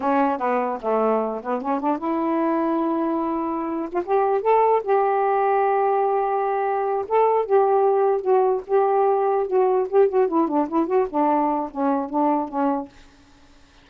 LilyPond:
\new Staff \with { instrumentName = "saxophone" } { \time 4/4 \tempo 4 = 149 cis'4 b4 a4. b8 | cis'8 d'8 e'2.~ | e'4.~ e'16 f'16 g'4 a'4 | g'1~ |
g'4. a'4 g'4.~ | g'8 fis'4 g'2 fis'8~ | fis'8 g'8 fis'8 e'8 d'8 e'8 fis'8 d'8~ | d'4 cis'4 d'4 cis'4 | }